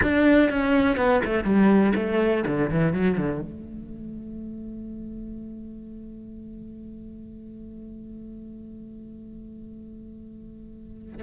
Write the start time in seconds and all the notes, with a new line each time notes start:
0.02 D4
0.50 C#4
0.96 B3
1.24 A3
1.44 G3
1.95 A3
2.46 D3
2.70 E3
2.92 F#3
3.17 D3
3.41 A3